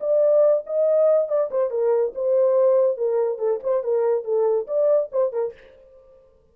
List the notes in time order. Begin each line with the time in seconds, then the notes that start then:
0.00 D5
0.66 D#5
1.28 D5
1.51 C5
1.70 A#4
2.15 C5
2.97 A#4
3.38 A4
3.63 C5
3.84 A#4
4.24 A4
4.67 D5
5.12 C5
5.32 A#4